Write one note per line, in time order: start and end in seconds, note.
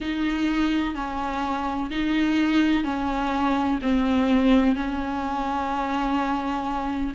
0.00 0.94 D#4
0.94 1.90 C#4
1.90 2.84 D#4
2.84 3.79 C#4
3.81 4.75 C4
4.75 7.13 C#4